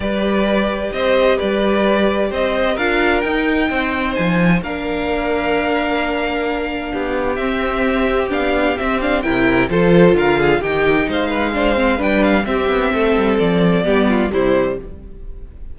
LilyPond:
<<
  \new Staff \with { instrumentName = "violin" } { \time 4/4 \tempo 4 = 130 d''2 dis''4 d''4~ | d''4 dis''4 f''4 g''4~ | g''4 gis''4 f''2~ | f''1 |
e''2 f''4 e''8 f''8 | g''4 c''4 f''4 g''4 | f''2 g''8 f''8 e''4~ | e''4 d''2 c''4 | }
  \new Staff \with { instrumentName = "violin" } { \time 4/4 b'2 c''4 b'4~ | b'4 c''4 ais'2 | c''2 ais'2~ | ais'2. g'4~ |
g'1 | ais'4 a'4 ais'8 gis'8 g'4 | c''8 b'8 c''4 b'4 g'4 | a'2 g'8 f'8 e'4 | }
  \new Staff \with { instrumentName = "viola" } { \time 4/4 g'1~ | g'2 f'4 dis'4~ | dis'2 d'2~ | d'1 |
c'2 d'4 c'8 d'8 | e'4 f'2 dis'4~ | dis'4 d'8 c'8 d'4 c'4~ | c'2 b4 g4 | }
  \new Staff \with { instrumentName = "cello" } { \time 4/4 g2 c'4 g4~ | g4 c'4 d'4 dis'4 | c'4 f4 ais2~ | ais2. b4 |
c'2 b4 c'4 | c4 f4 d4 dis4 | gis2 g4 c'8 b8 | a8 g8 f4 g4 c4 | }
>>